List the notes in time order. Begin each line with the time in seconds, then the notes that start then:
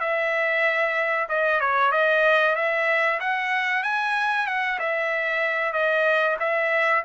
0.00 E5
1.29 D#5
1.60 C#5
1.92 D#5
2.56 E5
3.20 F#5
3.83 G#5
4.47 F#5
4.79 E5
5.73 D#5
6.39 E5